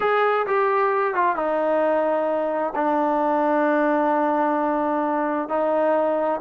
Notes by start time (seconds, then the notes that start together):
0.00 G#4
0.46 G4
1.14 F4
1.36 D#4
2.75 D4
5.49 D#4